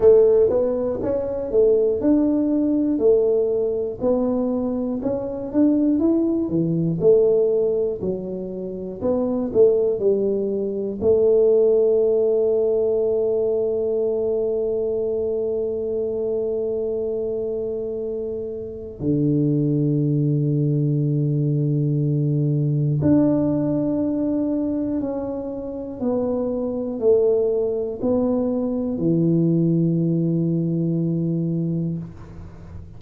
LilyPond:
\new Staff \with { instrumentName = "tuba" } { \time 4/4 \tempo 4 = 60 a8 b8 cis'8 a8 d'4 a4 | b4 cis'8 d'8 e'8 e8 a4 | fis4 b8 a8 g4 a4~ | a1~ |
a2. d4~ | d2. d'4~ | d'4 cis'4 b4 a4 | b4 e2. | }